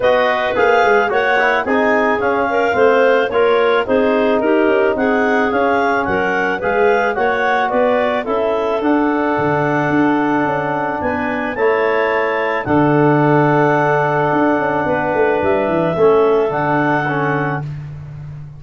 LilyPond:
<<
  \new Staff \with { instrumentName = "clarinet" } { \time 4/4 \tempo 4 = 109 dis''4 f''4 fis''4 gis''4 | f''2 cis''4 c''4 | ais'4 fis''4 f''4 fis''4 | f''4 fis''4 d''4 e''4 |
fis''1 | gis''4 a''2 fis''4~ | fis''1 | e''2 fis''2 | }
  \new Staff \with { instrumentName = "clarinet" } { \time 4/4 b'2 cis''4 gis'4~ | gis'8 ais'8 c''4 ais'4 gis'4 | g'4 gis'2 ais'4 | b'4 cis''4 b'4 a'4~ |
a'1 | b'4 cis''2 a'4~ | a'2. b'4~ | b'4 a'2. | }
  \new Staff \with { instrumentName = "trombone" } { \time 4/4 fis'4 gis'4 fis'8 e'8 dis'4 | cis'4 c'4 f'4 dis'4~ | dis'2 cis'2 | gis'4 fis'2 e'4 |
d'1~ | d'4 e'2 d'4~ | d'1~ | d'4 cis'4 d'4 cis'4 | }
  \new Staff \with { instrumentName = "tuba" } { \time 4/4 b4 ais8 gis8 ais4 c'4 | cis'4 a4 ais4 c'4 | dis'8 cis'8 c'4 cis'4 fis4 | gis4 ais4 b4 cis'4 |
d'4 d4 d'4 cis'4 | b4 a2 d4~ | d2 d'8 cis'8 b8 a8 | g8 e8 a4 d2 | }
>>